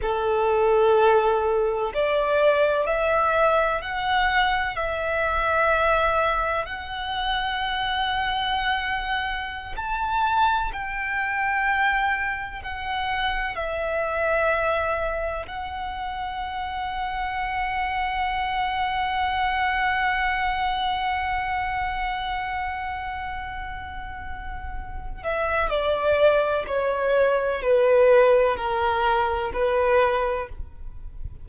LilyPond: \new Staff \with { instrumentName = "violin" } { \time 4/4 \tempo 4 = 63 a'2 d''4 e''4 | fis''4 e''2 fis''4~ | fis''2~ fis''16 a''4 g''8.~ | g''4~ g''16 fis''4 e''4.~ e''16~ |
e''16 fis''2.~ fis''8.~ | fis''1~ | fis''2~ fis''8 e''8 d''4 | cis''4 b'4 ais'4 b'4 | }